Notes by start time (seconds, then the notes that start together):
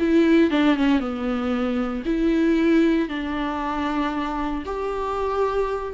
0.00 E4
0.51 D4
0.77 C#4
1.00 B3
2.06 E4
3.09 D4
4.66 G4